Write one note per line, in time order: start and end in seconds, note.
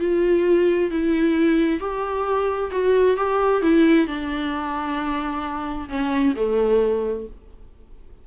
0.00 0.91 F4
0.91 1.80 E4
1.80 2.71 G4
2.72 3.17 F#4
3.17 3.63 G4
3.63 4.07 E4
4.07 5.89 D4
5.90 6.35 C#4
6.37 7.27 A3